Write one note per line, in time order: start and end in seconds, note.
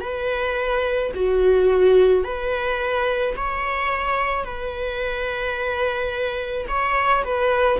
0.00 1.11 B4
1.14 2.24 F#4
2.24 3.35 B4
3.36 4.44 C#5
4.44 6.66 B4
6.68 7.23 C#5
7.24 7.79 B4